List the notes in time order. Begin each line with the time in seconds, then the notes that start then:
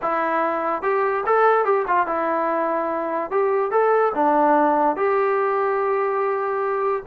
0.02 E4
0.82 G4
1.26 A4
1.65 G4
1.87 F4
2.06 E4
3.30 G4
3.71 A4
4.15 D4
4.96 G4